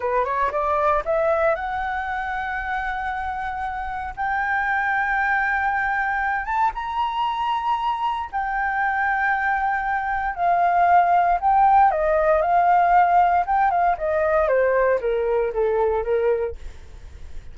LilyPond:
\new Staff \with { instrumentName = "flute" } { \time 4/4 \tempo 4 = 116 b'8 cis''8 d''4 e''4 fis''4~ | fis''1 | g''1~ | g''8 a''8 ais''2. |
g''1 | f''2 g''4 dis''4 | f''2 g''8 f''8 dis''4 | c''4 ais'4 a'4 ais'4 | }